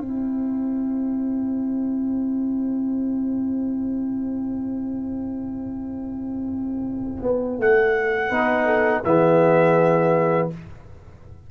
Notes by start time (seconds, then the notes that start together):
0.00 C4 E4 C5 G5
7.22 B3
7.58 A3 F#5
8.28 B3 D#4 B4
8.65 A4
9.04 E3 B3 G#4 E5